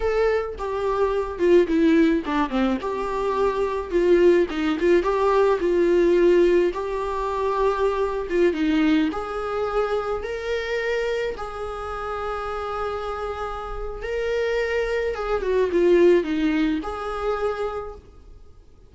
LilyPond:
\new Staff \with { instrumentName = "viola" } { \time 4/4 \tempo 4 = 107 a'4 g'4. f'8 e'4 | d'8 c'8 g'2 f'4 | dis'8 f'8 g'4 f'2 | g'2~ g'8. f'8 dis'8.~ |
dis'16 gis'2 ais'4.~ ais'16~ | ais'16 gis'2.~ gis'8.~ | gis'4 ais'2 gis'8 fis'8 | f'4 dis'4 gis'2 | }